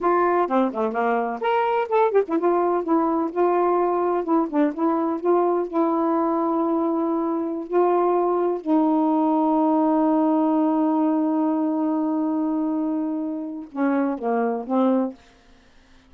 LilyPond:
\new Staff \with { instrumentName = "saxophone" } { \time 4/4 \tempo 4 = 127 f'4 c'8 a8 ais4 ais'4 | a'8 g'16 e'16 f'4 e'4 f'4~ | f'4 e'8 d'8 e'4 f'4 | e'1~ |
e'16 f'2 dis'4.~ dis'16~ | dis'1~ | dis'1~ | dis'4 cis'4 ais4 c'4 | }